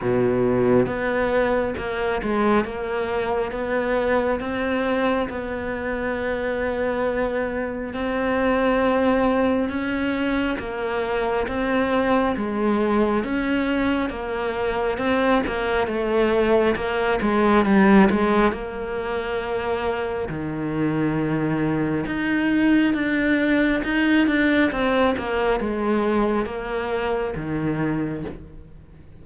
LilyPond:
\new Staff \with { instrumentName = "cello" } { \time 4/4 \tempo 4 = 68 b,4 b4 ais8 gis8 ais4 | b4 c'4 b2~ | b4 c'2 cis'4 | ais4 c'4 gis4 cis'4 |
ais4 c'8 ais8 a4 ais8 gis8 | g8 gis8 ais2 dis4~ | dis4 dis'4 d'4 dis'8 d'8 | c'8 ais8 gis4 ais4 dis4 | }